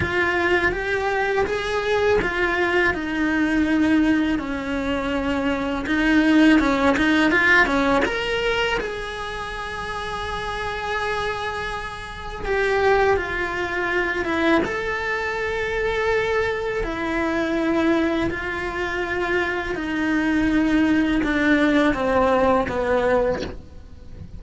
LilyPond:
\new Staff \with { instrumentName = "cello" } { \time 4/4 \tempo 4 = 82 f'4 g'4 gis'4 f'4 | dis'2 cis'2 | dis'4 cis'8 dis'8 f'8 cis'8 ais'4 | gis'1~ |
gis'4 g'4 f'4. e'8 | a'2. e'4~ | e'4 f'2 dis'4~ | dis'4 d'4 c'4 b4 | }